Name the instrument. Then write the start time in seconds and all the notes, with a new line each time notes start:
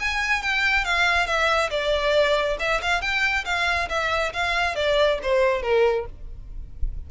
violin
0.00 G#5
0.42 G5
0.85 F5
1.27 E5
1.71 D5
2.60 E5
2.82 F5
3.02 G5
3.45 F5
3.89 E5
4.33 F5
4.76 D5
5.23 C5
5.62 A#4